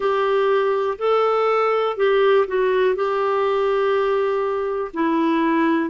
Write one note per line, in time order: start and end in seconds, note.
0.00 0.97 G4
0.98 1.96 A4
1.96 2.45 G4
2.47 2.95 F#4
2.95 4.91 G4
4.93 5.90 E4